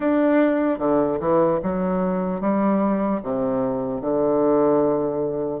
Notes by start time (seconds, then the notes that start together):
0.00 D4
0.78 D3
1.20 E3
1.62 F#3
2.40 G3
3.23 C3
4.01 D3